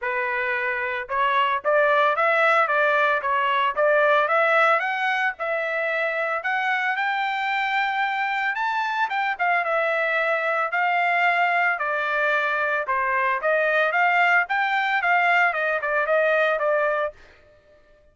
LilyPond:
\new Staff \with { instrumentName = "trumpet" } { \time 4/4 \tempo 4 = 112 b'2 cis''4 d''4 | e''4 d''4 cis''4 d''4 | e''4 fis''4 e''2 | fis''4 g''2. |
a''4 g''8 f''8 e''2 | f''2 d''2 | c''4 dis''4 f''4 g''4 | f''4 dis''8 d''8 dis''4 d''4 | }